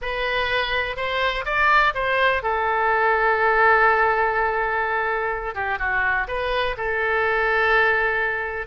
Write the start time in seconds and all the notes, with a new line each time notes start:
0.01 B4
0.96 C5
1.45 D5
1.94 C5
2.42 A4
5.54 G4
5.78 F#4
6.27 B4
6.77 A4